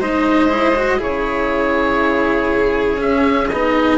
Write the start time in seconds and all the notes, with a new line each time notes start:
0.00 G#3 D#4 C5 D#5
0.49 E4
0.75 F#4
0.98 C#3 E4 G#4 C#5
2.97 C#4 E5
3.48 B3 D#4 D#5